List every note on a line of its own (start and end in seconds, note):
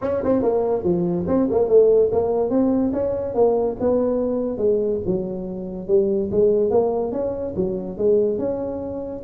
0.01 0.22 C#4
0.23 0.42 C4
0.42 0.83 A#3
0.83 1.25 F3
1.27 1.48 C4
1.50 1.68 A#3
1.68 2.10 A3
2.12 2.50 A#3
2.50 2.92 C4
2.92 3.34 C#4
3.34 3.76 A#3
3.80 4.57 B3
4.57 4.99 G#3
5.06 5.87 F#3
5.87 6.29 G3
6.31 6.70 G#3
6.70 7.12 A#3
7.12 7.54 C#4
7.55 7.97 F#3
7.97 8.38 G#3
8.38 9.22 C#4